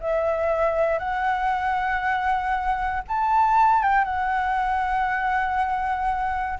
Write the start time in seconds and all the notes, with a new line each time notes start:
0.00 E5
0.99 F#5
3.08 A5
3.83 G5
4.04 F#5